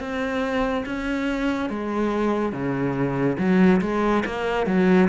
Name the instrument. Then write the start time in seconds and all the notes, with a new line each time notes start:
cello
0.00 C4
0.86 C#4
1.70 G#3
2.52 C#3
3.38 F#3
3.81 G#3
4.26 A#3
4.67 F#3